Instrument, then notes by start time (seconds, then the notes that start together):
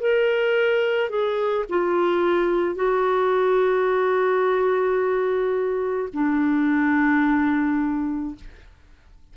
clarinet
0.00 A#4
1.09 G#4
1.69 F4
2.75 F#4
6.13 D4